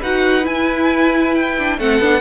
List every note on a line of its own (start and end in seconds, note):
0.00 0.47 D#4
0.00 0.42 F#4
0.00 1.78 B4
0.00 0.46 F#5
0.42 1.53 E4
0.42 1.79 E4
0.42 1.35 G#5
1.35 1.80 G5
1.59 1.80 D4
1.78 2.00 A3
1.78 2.02 C4
1.78 2.21 A4
1.78 2.21 F#5
2.00 2.21 B3
2.00 2.21 D4